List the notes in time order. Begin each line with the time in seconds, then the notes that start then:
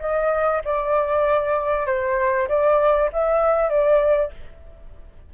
0.00 D#5
0.65 D5
1.86 C5
2.49 D5
3.13 E5
3.69 D5